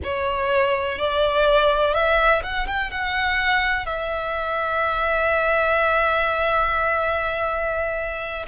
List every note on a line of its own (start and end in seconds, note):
0.03 0.98 C#5
0.98 1.94 D5
1.94 2.42 E5
2.43 2.66 F#5
2.66 2.90 G5
2.90 3.85 F#5
3.85 8.45 E5